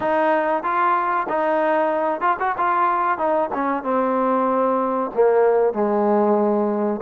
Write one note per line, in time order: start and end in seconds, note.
0.00 0.63 D#4
0.63 1.26 F4
1.28 2.21 D#4
2.21 2.36 F4
2.39 2.55 F#4
2.57 3.17 F4
3.17 3.49 D#4
3.54 3.83 C#4
3.83 5.10 C4
5.14 5.73 A#3
5.73 7.00 G#3